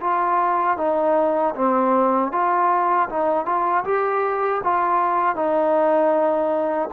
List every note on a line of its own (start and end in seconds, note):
0.00 0.77 F4
0.77 1.54 D#4
1.55 2.32 C4
2.32 3.09 F4
3.09 3.45 D#4
3.45 3.84 F4
3.84 4.61 G4
4.64 5.35 F4
5.35 6.89 D#4